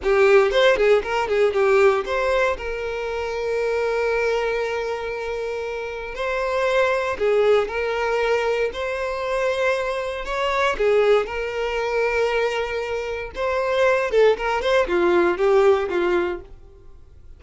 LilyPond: \new Staff \with { instrumentName = "violin" } { \time 4/4 \tempo 4 = 117 g'4 c''8 gis'8 ais'8 gis'8 g'4 | c''4 ais'2.~ | ais'1 | c''2 gis'4 ais'4~ |
ais'4 c''2. | cis''4 gis'4 ais'2~ | ais'2 c''4. a'8 | ais'8 c''8 f'4 g'4 f'4 | }